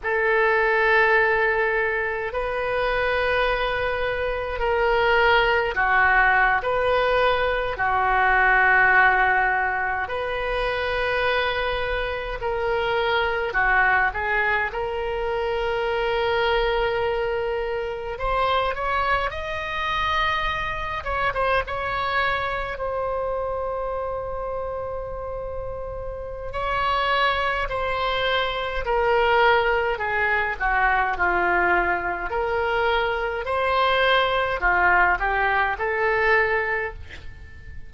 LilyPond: \new Staff \with { instrumentName = "oboe" } { \time 4/4 \tempo 4 = 52 a'2 b'2 | ais'4 fis'8. b'4 fis'4~ fis'16~ | fis'8. b'2 ais'4 fis'16~ | fis'16 gis'8 ais'2. c''16~ |
c''16 cis''8 dis''4. cis''16 c''16 cis''4 c''16~ | c''2. cis''4 | c''4 ais'4 gis'8 fis'8 f'4 | ais'4 c''4 f'8 g'8 a'4 | }